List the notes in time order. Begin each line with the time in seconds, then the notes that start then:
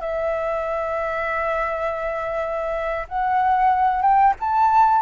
0.00 E5
3.08 F#5
4.01 G5
4.40 A5